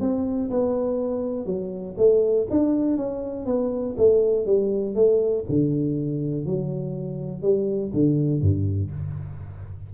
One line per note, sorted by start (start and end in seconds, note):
0.00 0.50 C4
0.50 1.46 B3
1.46 1.95 F#3
1.97 2.47 A3
2.50 2.97 D4
2.97 3.46 C#4
3.46 3.95 B3
3.97 4.46 A3
4.46 4.95 G3
4.95 5.45 A3
5.49 6.46 D3
6.46 7.42 F#3
7.42 7.92 G3
7.93 8.41 D3
8.41 8.91 G2